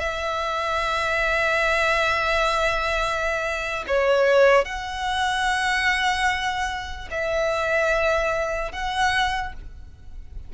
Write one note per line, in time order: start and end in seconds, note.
0.00 3.85 E5
3.88 4.65 C#5
4.65 7.09 F#5
7.11 8.72 E5
8.72 9.53 F#5